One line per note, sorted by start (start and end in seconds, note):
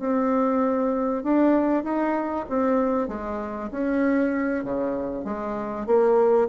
0.00 1.24 C4
1.24 1.84 D4
1.84 2.46 D#4
2.50 3.09 C4
3.09 3.71 G#3
3.72 4.64 C#4
4.64 5.25 C#3
5.25 5.87 G#3
5.87 6.49 A#3